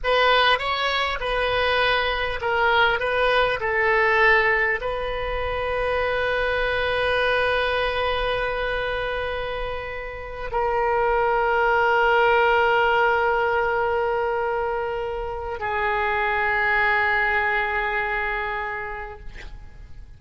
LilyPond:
\new Staff \with { instrumentName = "oboe" } { \time 4/4 \tempo 4 = 100 b'4 cis''4 b'2 | ais'4 b'4 a'2 | b'1~ | b'1~ |
b'4. ais'2~ ais'8~ | ais'1~ | ais'2 gis'2~ | gis'1 | }